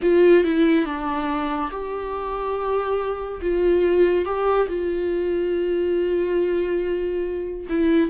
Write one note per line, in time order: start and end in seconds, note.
0.02 0.44 F4
0.44 0.85 E4
0.85 1.70 D4
1.70 3.40 G4
3.41 4.25 F4
4.25 4.67 G4
4.68 7.66 F4
7.69 8.09 E4